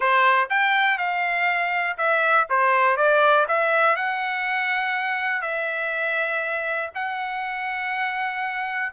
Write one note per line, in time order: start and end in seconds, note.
0.00 0.49 C5
0.49 0.98 G5
0.98 1.97 F5
1.97 2.47 E5
2.49 2.96 C5
2.96 3.46 D5
3.48 3.95 E5
3.95 5.41 F#5
5.41 6.90 E5
6.94 8.93 F#5